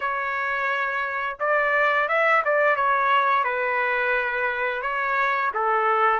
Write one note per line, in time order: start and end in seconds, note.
0.00 1.37 C#5
1.39 2.08 D5
2.08 2.42 E5
2.45 2.76 D5
2.76 3.44 C#5
3.44 4.82 B4
4.82 5.51 C#5
5.54 6.19 A4